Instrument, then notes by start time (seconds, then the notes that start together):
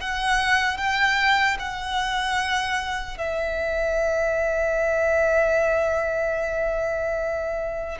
violin
0.00 F#5
0.77 G5
1.59 F#5
3.17 E5